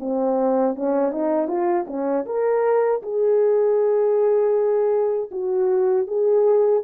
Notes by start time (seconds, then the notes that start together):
0.00 C4
0.76 C#4
1.12 D#4
1.48 F4
1.88 C#4
2.26 A#4
3.03 G#4
5.32 F#4
6.08 G#4